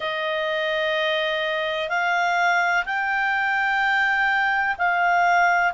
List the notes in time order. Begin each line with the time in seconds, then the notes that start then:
0.00 D#5
1.89 F5
2.85 G5
4.78 F5